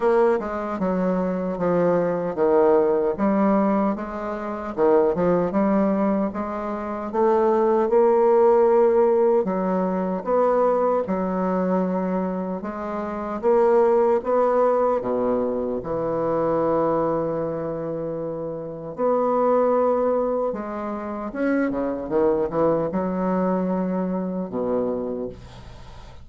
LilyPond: \new Staff \with { instrumentName = "bassoon" } { \time 4/4 \tempo 4 = 76 ais8 gis8 fis4 f4 dis4 | g4 gis4 dis8 f8 g4 | gis4 a4 ais2 | fis4 b4 fis2 |
gis4 ais4 b4 b,4 | e1 | b2 gis4 cis'8 cis8 | dis8 e8 fis2 b,4 | }